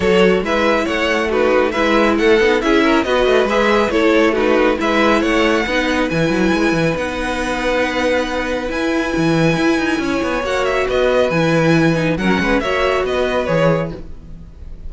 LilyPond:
<<
  \new Staff \with { instrumentName = "violin" } { \time 4/4 \tempo 4 = 138 cis''4 e''4 fis''4 b'4 | e''4 fis''4 e''4 dis''4 | e''4 cis''4 b'4 e''4 | fis''2 gis''2 |
fis''1 | gis''1 | fis''8 e''8 dis''4 gis''2 | fis''4 e''4 dis''4 cis''4 | }
  \new Staff \with { instrumentName = "violin" } { \time 4/4 a'4 b'4 cis''4 fis'4 | b'4 a'4 gis'8 ais'8 b'4~ | b'4 a'4 fis'4 b'4 | cis''4 b'2.~ |
b'1~ | b'2. cis''4~ | cis''4 b'2. | ais'8 b'8 cis''4 b'2 | }
  \new Staff \with { instrumentName = "viola" } { \time 4/4 fis'4 e'2 dis'4 | e'4. dis'8 e'4 fis'4 | gis'4 e'4 dis'4 e'4~ | e'4 dis'4 e'2 |
dis'1 | e'1 | fis'2 e'4. dis'8 | cis'4 fis'2 gis'4 | }
  \new Staff \with { instrumentName = "cello" } { \time 4/4 fis4 gis4 a2 | gis4 a8 b8 cis'4 b8 a8 | gis4 a2 gis4 | a4 b4 e8 fis8 gis8 e8 |
b1 | e'4 e4 e'8 dis'8 cis'8 b8 | ais4 b4 e2 | fis8 gis8 ais4 b4 e4 | }
>>